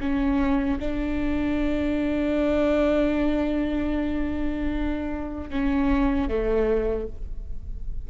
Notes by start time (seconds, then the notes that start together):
0.00 C#4
0.80 D4
5.50 C#4
6.28 A3